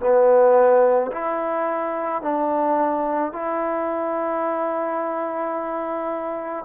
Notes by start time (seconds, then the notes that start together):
0.00 B3
1.12 E4
2.22 D4
3.32 E4